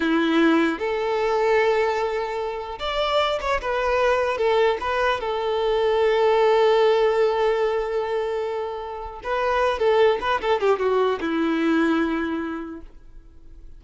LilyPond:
\new Staff \with { instrumentName = "violin" } { \time 4/4 \tempo 4 = 150 e'2 a'2~ | a'2. d''4~ | d''8 cis''8 b'2 a'4 | b'4 a'2.~ |
a'1~ | a'2. b'4~ | b'8 a'4 b'8 a'8 g'8 fis'4 | e'1 | }